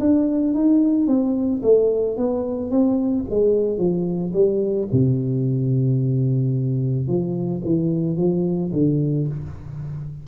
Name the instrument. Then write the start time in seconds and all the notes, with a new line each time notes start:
tuba
0.00 D4
0.54 D#4
1.07 C4
1.63 A3
2.17 B3
2.71 C4
3.30 G#3
3.78 F3
4.33 G3
4.92 C3
7.07 F3
7.64 E3
8.17 F3
8.73 D3